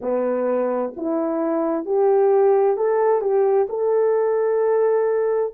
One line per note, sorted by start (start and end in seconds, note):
0.01 0.93 B3
0.96 1.85 E4
1.85 2.77 G4
2.77 3.21 A4
3.21 3.67 G4
3.69 5.53 A4